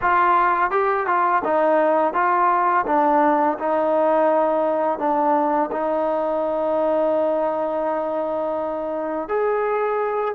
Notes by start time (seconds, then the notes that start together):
0.01 F4
0.70 G4
1.06 F4
1.44 D#4
2.13 F4
2.86 D4
3.58 D#4
4.98 D4
5.71 D#4
9.28 G#4